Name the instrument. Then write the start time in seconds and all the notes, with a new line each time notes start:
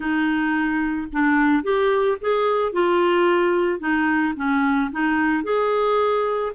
clarinet
0.00 D#4
1.12 D4
1.63 G4
2.20 G#4
2.72 F4
3.79 D#4
4.36 C#4
4.91 D#4
5.43 G#4